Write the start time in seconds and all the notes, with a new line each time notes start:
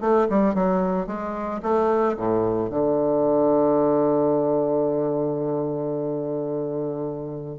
0.00 A3
0.29 G3
0.54 F#3
1.06 G#3
1.62 A3
2.16 A2
2.70 D3